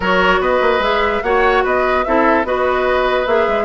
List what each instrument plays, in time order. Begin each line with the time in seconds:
0.00 bassoon F#3, clarinet F#4, oboe A#4, flute C#5
0.39 bassoon B3, oboe B4, flute D#5
0.61 bassoon A#3
0.79 bassoon G#3, clarinet G#4, flute E5
1.23 bassoon A#3, clarinet F#4, oboe C#5, flute F#5
1.64 bassoon B3, oboe B4, flute D#5
2.04 bassoon C4, clarinet E4, oboe A4, flute E5
2.44 bassoon B3, clarinet F#4, oboe B4, flute D#5
3.26 bassoon A#3, clarinet G#4, flute E5
3.47 bassoon G#3